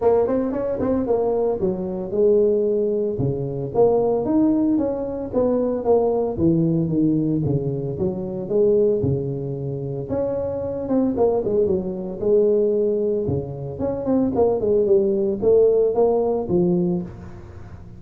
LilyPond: \new Staff \with { instrumentName = "tuba" } { \time 4/4 \tempo 4 = 113 ais8 c'8 cis'8 c'8 ais4 fis4 | gis2 cis4 ais4 | dis'4 cis'4 b4 ais4 | e4 dis4 cis4 fis4 |
gis4 cis2 cis'4~ | cis'8 c'8 ais8 gis8 fis4 gis4~ | gis4 cis4 cis'8 c'8 ais8 gis8 | g4 a4 ais4 f4 | }